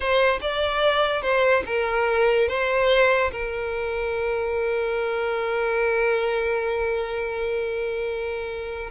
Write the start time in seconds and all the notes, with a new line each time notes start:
0.00 C5
0.41 D5
1.22 C5
1.66 A#4
2.48 C5
3.31 A#4